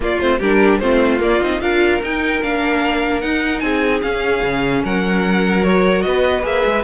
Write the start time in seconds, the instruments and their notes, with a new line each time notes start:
0.00 cello A#3, viola A#3, violin F4 D5
0.19 cello A3, viola C4, violin C5
0.38 cello G3, viola D4, violin G4 A#4
0.78 cello A3, viola C4, violin F4 C5
1.19 viola A#3, cello A#3, violin D5
1.42 cello C4, viola D#4, violin D#5
1.60 cello D4, viola F4, violin A#4 F5
2.02 cello D#4, viola D#4, violin G5
2.41 cello A#3, viola D4, violin F5
3.20 viola D#4, cello D#4, violin F#5
3.59 cello C4, violin G#4 G#5
4.01 viola C#4, cello C#4, violin F5
4.42 cello C#3
4.83 cello F#3, violin A#4 F#5
5.62 viola F#4, violin C#5
6.01 cello B3, violin B4 D#5
6.41 cello A#3, viola G#4, violin E5
6.64 cello G#3